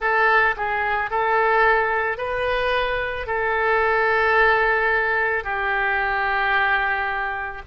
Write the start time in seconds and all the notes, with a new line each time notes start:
0.00 A4
0.57 G#4
1.10 A4
2.17 B4
3.26 A4
5.43 G4